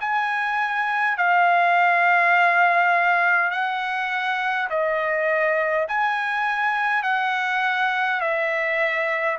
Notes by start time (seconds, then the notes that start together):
0.00 G#5
1.17 F5
3.51 F#5
4.70 D#5
5.88 G#5
7.03 F#5
8.20 E5